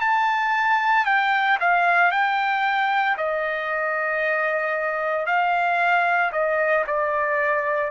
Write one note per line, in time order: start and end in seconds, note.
0.00 1.05 A5
1.05 1.58 G5
1.60 2.11 F5
2.11 3.16 G5
3.17 5.26 D#5
5.26 6.31 F5
6.32 6.84 D#5
6.87 7.91 D5